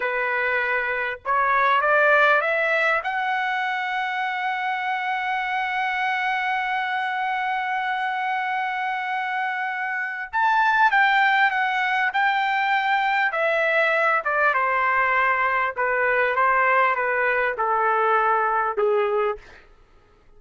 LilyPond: \new Staff \with { instrumentName = "trumpet" } { \time 4/4 \tempo 4 = 99 b'2 cis''4 d''4 | e''4 fis''2.~ | fis''1~ | fis''1~ |
fis''4 a''4 g''4 fis''4 | g''2 e''4. d''8 | c''2 b'4 c''4 | b'4 a'2 gis'4 | }